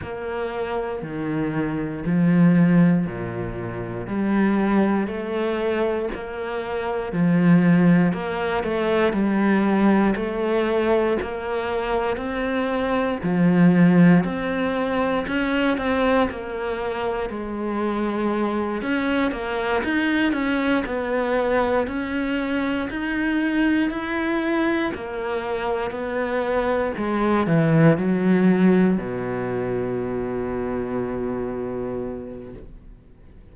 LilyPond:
\new Staff \with { instrumentName = "cello" } { \time 4/4 \tempo 4 = 59 ais4 dis4 f4 ais,4 | g4 a4 ais4 f4 | ais8 a8 g4 a4 ais4 | c'4 f4 c'4 cis'8 c'8 |
ais4 gis4. cis'8 ais8 dis'8 | cis'8 b4 cis'4 dis'4 e'8~ | e'8 ais4 b4 gis8 e8 fis8~ | fis8 b,2.~ b,8 | }